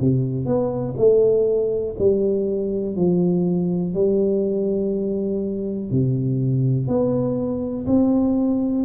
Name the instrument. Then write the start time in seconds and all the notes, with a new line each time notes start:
tuba
0.00 C3
0.45 B3
0.97 A3
1.99 G3
2.96 F3
3.94 G3
5.91 C3
6.88 B3
7.86 C4